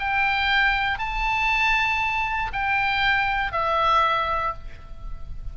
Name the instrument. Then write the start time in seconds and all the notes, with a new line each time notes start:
oboe
0.00 G5
0.99 A5
2.53 G5
3.53 E5